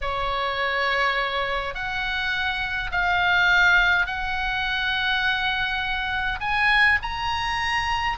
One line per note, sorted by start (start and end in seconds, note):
0.01 1.74 C#5
1.74 2.90 F#5
2.91 4.06 F5
4.06 6.39 F#5
6.40 6.98 G#5
7.02 8.18 A#5